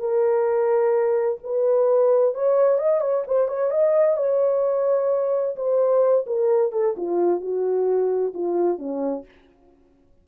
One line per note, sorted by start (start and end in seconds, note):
0.00 1.38 A#4
1.44 2.35 B4
2.35 2.79 C#5
2.79 3.01 D#5
3.01 3.24 C#5
3.27 3.48 C5
3.48 3.71 C#5
3.71 4.17 D#5
4.17 5.56 C#5
5.56 6.26 C5
6.27 6.72 A#4
6.72 6.95 A4
6.97 7.41 F4
7.41 8.33 F#4
8.34 8.79 F4
8.79 9.25 C#4